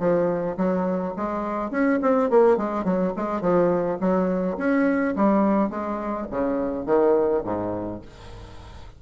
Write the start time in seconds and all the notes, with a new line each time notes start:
0.00 F3
0.57 F#3
1.17 G#3
1.71 C#4
2.02 C4
2.30 A#3
2.57 G#3
2.85 F#3
3.17 G#3
3.42 F3
4.01 F#3
4.58 C#4
5.16 G3
5.70 G#3
6.31 C#3
6.86 D#3
7.45 G#2